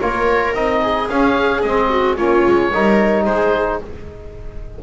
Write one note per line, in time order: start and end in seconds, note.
0.00 0.54 A#3
0.00 0.55 F4
0.00 0.82 A#4
0.00 0.54 C#5
0.54 1.08 C4
0.54 1.09 D#4
0.54 1.09 D#5
0.82 1.89 G#4
1.09 1.64 C#4
1.09 1.65 C#4
1.09 1.61 F5
1.61 2.18 G#3
1.61 2.17 C4
1.61 2.16 D#5
1.89 2.16 F#4
2.16 2.45 A#3
2.16 2.71 C#4
2.16 2.71 F4
2.16 3.25 C#5
2.46 2.74 G#3
2.73 3.27 G3
2.73 3.82 D#4
2.73 3.25 A#4
3.25 3.81 G#3
3.25 3.80 G#4
3.25 3.79 C5